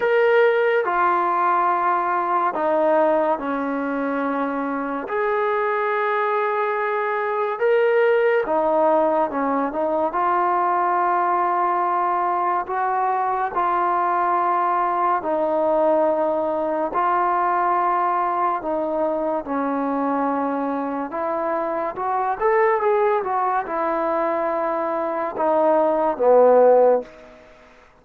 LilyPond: \new Staff \with { instrumentName = "trombone" } { \time 4/4 \tempo 4 = 71 ais'4 f'2 dis'4 | cis'2 gis'2~ | gis'4 ais'4 dis'4 cis'8 dis'8 | f'2. fis'4 |
f'2 dis'2 | f'2 dis'4 cis'4~ | cis'4 e'4 fis'8 a'8 gis'8 fis'8 | e'2 dis'4 b4 | }